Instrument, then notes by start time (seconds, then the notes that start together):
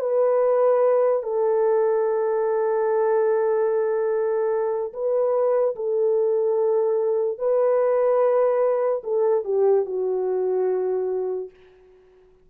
horn
0.00 B4
1.23 A4
4.93 B4
5.76 A4
7.38 B4
9.04 A4
9.44 G4
9.86 F#4